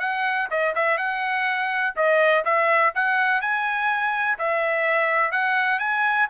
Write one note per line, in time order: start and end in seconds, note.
0.00 0.48 F#5
0.51 0.75 D#5
0.75 0.98 E5
0.98 1.94 F#5
1.96 2.45 D#5
2.45 2.93 E5
2.95 3.41 F#5
3.41 4.38 G#5
4.39 5.32 E5
5.32 5.79 F#5
5.79 6.28 G#5